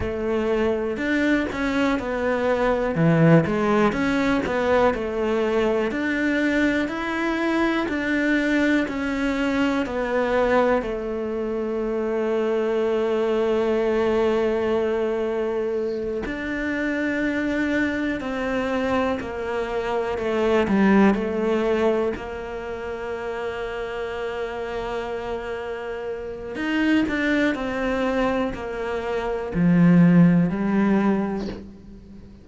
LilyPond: \new Staff \with { instrumentName = "cello" } { \time 4/4 \tempo 4 = 61 a4 d'8 cis'8 b4 e8 gis8 | cis'8 b8 a4 d'4 e'4 | d'4 cis'4 b4 a4~ | a1~ |
a8 d'2 c'4 ais8~ | ais8 a8 g8 a4 ais4.~ | ais2. dis'8 d'8 | c'4 ais4 f4 g4 | }